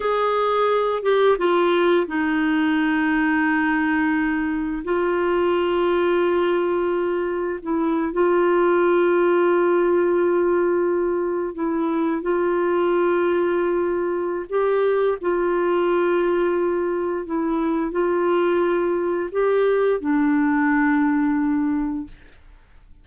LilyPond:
\new Staff \with { instrumentName = "clarinet" } { \time 4/4 \tempo 4 = 87 gis'4. g'8 f'4 dis'4~ | dis'2. f'4~ | f'2. e'8. f'16~ | f'1~ |
f'8. e'4 f'2~ f'16~ | f'4 g'4 f'2~ | f'4 e'4 f'2 | g'4 d'2. | }